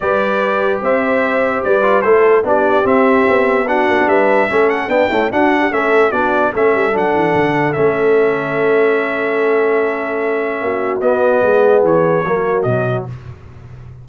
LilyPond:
<<
  \new Staff \with { instrumentName = "trumpet" } { \time 4/4 \tempo 4 = 147 d''2 e''2 | d''4 c''4 d''4 e''4~ | e''4 fis''4 e''4. fis''8 | g''4 fis''4 e''4 d''4 |
e''4 fis''2 e''4~ | e''1~ | e''2. dis''4~ | dis''4 cis''2 dis''4 | }
  \new Staff \with { instrumentName = "horn" } { \time 4/4 b'2 c''2 | b'4 a'4 g'2~ | g'4 fis'4 b'4 a'4 | d'8 e'8 fis'8. g'16 a'4 fis'4 |
a'1~ | a'1~ | a'2 fis'2 | gis'2 fis'2 | }
  \new Staff \with { instrumentName = "trombone" } { \time 4/4 g'1~ | g'8 f'8 e'4 d'4 c'4~ | c'4 d'2 cis'4 | b8 a8 d'4 cis'4 d'4 |
cis'4 d'2 cis'4~ | cis'1~ | cis'2. b4~ | b2 ais4 fis4 | }
  \new Staff \with { instrumentName = "tuba" } { \time 4/4 g2 c'2 | g4 a4 b4 c'4 | b4. ais16 b16 g4 a4 | b8 cis'8 d'4 a4 b4 |
a8 g8 fis8 e8 d4 a4~ | a1~ | a2 ais4 b4 | gis4 e4 fis4 b,4 | }
>>